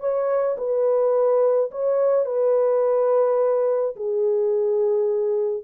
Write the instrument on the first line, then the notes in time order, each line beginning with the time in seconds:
horn
0.00 C#5
0.58 B4
1.71 C#5
2.26 B4
3.96 G#4